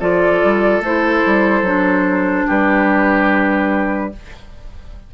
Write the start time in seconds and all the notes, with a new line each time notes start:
0.00 F3 F4 A4 D5
0.44 G3
0.80 A3 E4 C5
1.26 G3
1.62 F#3 D4
2.47 G3 G4 B4